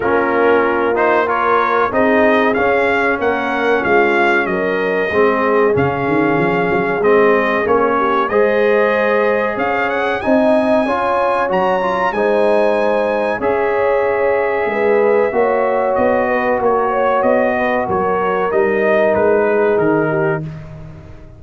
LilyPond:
<<
  \new Staff \with { instrumentName = "trumpet" } { \time 4/4 \tempo 4 = 94 ais'4. c''8 cis''4 dis''4 | f''4 fis''4 f''4 dis''4~ | dis''4 f''2 dis''4 | cis''4 dis''2 f''8 fis''8 |
gis''2 ais''4 gis''4~ | gis''4 e''2.~ | e''4 dis''4 cis''4 dis''4 | cis''4 dis''4 b'4 ais'4 | }
  \new Staff \with { instrumentName = "horn" } { \time 4/4 f'2 ais'4 gis'4~ | gis'4 ais'4 f'4 ais'4 | gis'1~ | gis'8 g'8 c''2 cis''4 |
dis''4 cis''2 c''4~ | c''4 cis''2 b'4 | cis''4. b'8 ais'8 cis''4 b'8 | ais'2~ ais'8 gis'4 g'8 | }
  \new Staff \with { instrumentName = "trombone" } { \time 4/4 cis'4. dis'8 f'4 dis'4 | cis'1 | c'4 cis'2 c'4 | cis'4 gis'2. |
dis'4 f'4 fis'8 f'8 dis'4~ | dis'4 gis'2. | fis'1~ | fis'4 dis'2. | }
  \new Staff \with { instrumentName = "tuba" } { \time 4/4 ais2. c'4 | cis'4 ais4 gis4 fis4 | gis4 cis8 dis8 f8 fis8 gis4 | ais4 gis2 cis'4 |
c'4 cis'4 fis4 gis4~ | gis4 cis'2 gis4 | ais4 b4 ais4 b4 | fis4 g4 gis4 dis4 | }
>>